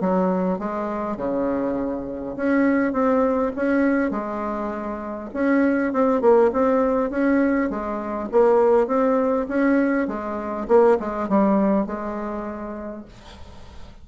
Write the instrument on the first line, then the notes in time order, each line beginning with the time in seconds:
bassoon
0.00 F#3
0.58 G#3
1.17 C#3
2.36 C#4
2.92 C4
3.56 C#4
4.10 G#3
5.33 C#4
5.92 C4
6.21 A#3
6.52 C4
7.10 C#4
7.70 G#3
8.31 A#3
8.87 C4
9.48 C#4
10.07 G#3
10.68 A#3
10.99 G#3
11.28 G3
11.86 G#3